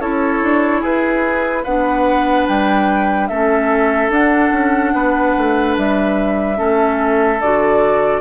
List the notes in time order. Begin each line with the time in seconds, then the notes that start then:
0.00 C#4 E4 A4 C#5
0.42 D4
0.80 E4 G#4 B4
1.63 B3 D4 B4 F#5
2.48 G3 G5
3.27 A3 C#4 A4 E5
4.09 D4 F#5
4.51 C#4
4.93 B3 B4
5.37 A3
5.77 G3 E5
6.56 A3 C#4 A4
7.40 D3 F#4 D5